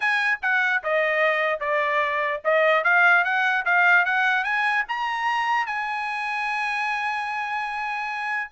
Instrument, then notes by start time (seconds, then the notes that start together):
trumpet
0.00 G#5
0.42 F#5
0.83 D#5
1.60 D5
2.44 D#5
2.84 F5
3.24 F#5
3.65 F5
4.05 F#5
4.43 G#5
4.88 A#5
5.66 G#5